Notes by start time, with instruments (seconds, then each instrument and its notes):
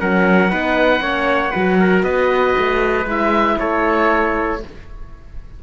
0.00 cello F#3, horn C#4, trumpet A#4, oboe F#5
0.49 cello B3, horn D#4, trumpet B4
1.00 cello A#3, horn C#4, trumpet C#5
1.51 cello F#3, horn F#4, trumpet B4
1.80 trumpet A#4
2.03 cello B3, trumpet B4, oboe D#5
2.58 cello A3
3.06 cello G#3, horn E4, oboe E5
3.59 cello A3, trumpet A4, oboe C#5